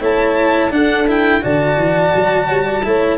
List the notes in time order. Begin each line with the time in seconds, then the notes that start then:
0.00 A3 E4 C#5 A5
0.71 D4 A4 F#5
1.08 E4 G5
1.41 D3 F#4 D5 A5
1.77 E3
2.15 F#3
2.48 G3 C#5
2.66 D5
2.84 A3 E4 C#5